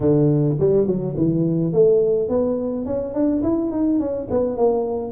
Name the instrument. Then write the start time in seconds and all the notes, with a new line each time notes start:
tuba
0.00 D3
0.59 G3
0.86 F#3
1.16 E3
1.72 A3
2.28 B3
2.85 C#4
3.14 D4
3.42 E4
3.71 D#4
3.99 C#4
4.30 B3
4.57 A#3